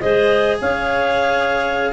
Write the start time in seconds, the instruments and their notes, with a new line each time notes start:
0.00 tuba G#3, cello G#4, clarinet C5 D#5
0.61 tuba C#4, clarinet C#5 F5